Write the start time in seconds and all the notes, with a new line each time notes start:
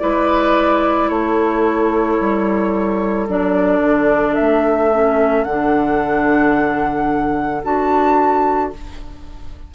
0.00 G#3 E4 B4 D5
1.09 A3 A4 C#5
2.20 G3
3.28 F#3 D4 D5
3.81 D3
4.35 A3 E5
4.92 C#4
5.44 D3 D4 F#5
7.64 D4 F#4 A5